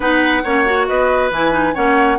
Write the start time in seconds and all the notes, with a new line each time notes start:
0.00 B3 D#4 B4 F#5
0.43 A#3 C#4 C#5
0.65 F#4
0.86 B3 B4 D#5
1.30 E3 E4 G#5
1.51 D#4
1.74 A#3 C#4 C#5 F#5